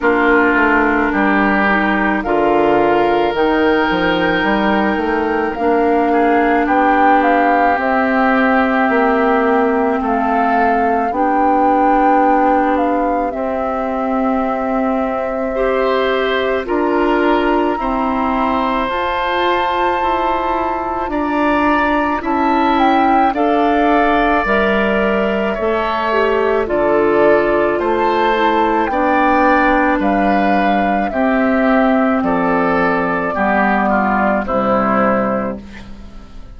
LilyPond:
<<
  \new Staff \with { instrumentName = "flute" } { \time 4/4 \tempo 4 = 54 ais'2 f''4 g''4~ | g''4 f''4 g''8 f''8 e''4~ | e''4 f''4 g''4. f''8 | e''2. ais''4~ |
ais''4 a''2 ais''4 | a''8 g''8 f''4 e''2 | d''4 a''4 g''4 f''4 | e''4 d''2 c''4 | }
  \new Staff \with { instrumentName = "oboe" } { \time 4/4 f'4 g'4 ais'2~ | ais'4. gis'8 g'2~ | g'4 a'4 g'2~ | g'2 c''4 ais'4 |
c''2. d''4 | e''4 d''2 cis''4 | a'4 c''4 d''4 b'4 | g'4 a'4 g'8 f'8 e'4 | }
  \new Staff \with { instrumentName = "clarinet" } { \time 4/4 d'4. dis'8 f'4 dis'4~ | dis'4 d'2 c'4~ | c'2 d'2 | c'2 g'4 f'4 |
c'4 f'2. | e'4 a'4 ais'4 a'8 g'8 | f'4. e'8 d'2 | c'2 b4 g4 | }
  \new Staff \with { instrumentName = "bassoon" } { \time 4/4 ais8 a8 g4 d4 dis8 f8 | g8 a8 ais4 b4 c'4 | ais4 a4 b2 | c'2. d'4 |
e'4 f'4 e'4 d'4 | cis'4 d'4 g4 a4 | d4 a4 b4 g4 | c'4 f4 g4 c4 | }
>>